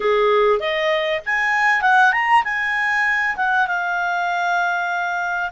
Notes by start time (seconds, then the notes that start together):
0.00 G#4
0.59 D#5
1.25 G#5
1.81 F#5
2.12 A#5
2.44 G#5
3.36 F#5
3.67 F5